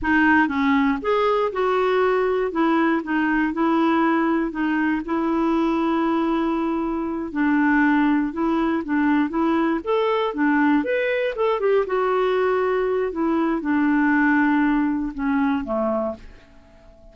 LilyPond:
\new Staff \with { instrumentName = "clarinet" } { \time 4/4 \tempo 4 = 119 dis'4 cis'4 gis'4 fis'4~ | fis'4 e'4 dis'4 e'4~ | e'4 dis'4 e'2~ | e'2~ e'8 d'4.~ |
d'8 e'4 d'4 e'4 a'8~ | a'8 d'4 b'4 a'8 g'8 fis'8~ | fis'2 e'4 d'4~ | d'2 cis'4 a4 | }